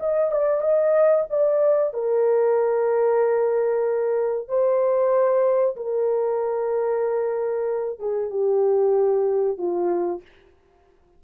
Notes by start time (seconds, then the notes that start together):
0.00 D#5
0.32 D5
0.62 D#5
1.30 D5
1.94 A#4
4.49 C5
5.77 A#4
8.00 G#4
8.31 G4
9.59 F4